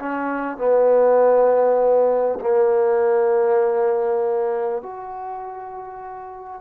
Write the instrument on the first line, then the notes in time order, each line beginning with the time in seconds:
trombone
0.00 C#4
0.58 B3
2.41 A#3
4.83 F#4